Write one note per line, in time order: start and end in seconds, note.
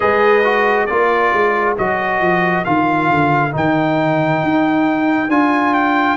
0.00 0.89 G#3
0.00 0.42 G#4
0.00 0.88 B4
0.00 0.85 D#5
0.44 0.88 F#4
0.85 1.32 A#3
0.85 1.76 F4
0.85 6.16 A#4
0.85 1.74 D5
1.32 1.76 G#3
1.77 2.20 F#3
1.77 2.65 F#4
1.77 2.64 D#5
2.20 2.64 F3
2.64 3.10 D#3
2.64 3.51 F4
2.64 3.52 F5
3.10 3.54 D3
3.51 4.43 D#3
3.51 5.28 D#4
3.51 5.30 G5
4.43 5.28 D#4
5.28 6.16 D4
5.28 6.16 F4
5.28 5.74 G#5
5.74 6.16 G5